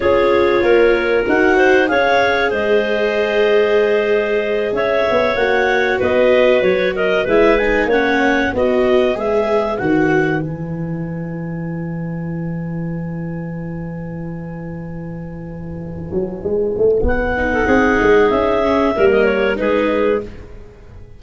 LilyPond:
<<
  \new Staff \with { instrumentName = "clarinet" } { \time 4/4 \tempo 4 = 95 cis''2 fis''4 f''4 | dis''2.~ dis''8 e''8~ | e''8 fis''4 dis''4 cis''8 dis''8 e''8 | gis''8 fis''4 dis''4 e''4 fis''8~ |
fis''8 gis''2.~ gis''8~ | gis''1~ | gis''2. fis''4~ | fis''4 e''4~ e''16 dis''16 cis''8 b'4 | }
  \new Staff \with { instrumentName = "clarinet" } { \time 4/4 gis'4 ais'4. c''8 cis''4 | c''2.~ c''8 cis''8~ | cis''4. b'4. ais'8 b'8~ | b'8 cis''4 b'2~ b'8~ |
b'1~ | b'1~ | b'2.~ b'8. a'16 | gis'2 ais'4 gis'4 | }
  \new Staff \with { instrumentName = "viola" } { \time 4/4 f'2 fis'4 gis'4~ | gis'1~ | gis'8 fis'2. e'8 | dis'8 cis'4 fis'4 gis'4 fis'8~ |
fis'8 e'2.~ e'8~ | e'1~ | e'2.~ e'8 dis'8~ | dis'4. cis'8 ais4 dis'4 | }
  \new Staff \with { instrumentName = "tuba" } { \time 4/4 cis'4 ais4 dis'4 cis'4 | gis2.~ gis8 cis'8 | b8 ais4 b4 fis4 gis8~ | gis8 ais4 b4 gis4 dis8~ |
dis8 e2.~ e8~ | e1~ | e4. fis8 gis8 a8 b4 | c'8 gis8 cis'4 g4 gis4 | }
>>